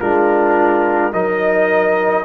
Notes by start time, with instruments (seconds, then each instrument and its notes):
0.00 tuba G#3, trombone D4, horn F4, trumpet A#4
1.12 tuba F#3, trombone D#4, horn A#4, trumpet D#5